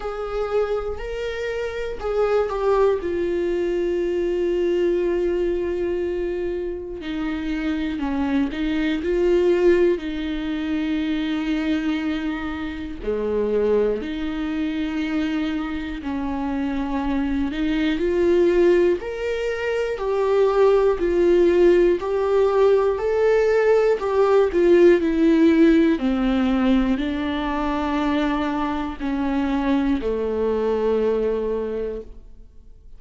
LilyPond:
\new Staff \with { instrumentName = "viola" } { \time 4/4 \tempo 4 = 60 gis'4 ais'4 gis'8 g'8 f'4~ | f'2. dis'4 | cis'8 dis'8 f'4 dis'2~ | dis'4 gis4 dis'2 |
cis'4. dis'8 f'4 ais'4 | g'4 f'4 g'4 a'4 | g'8 f'8 e'4 c'4 d'4~ | d'4 cis'4 a2 | }